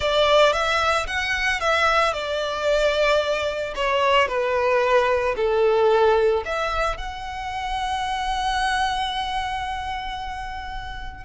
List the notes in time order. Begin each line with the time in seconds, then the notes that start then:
0.00 D5
0.52 E5
1.06 F#5
1.60 E5
2.13 D5
3.75 C#5
4.28 B4
5.36 A4
6.45 E5
6.97 F#5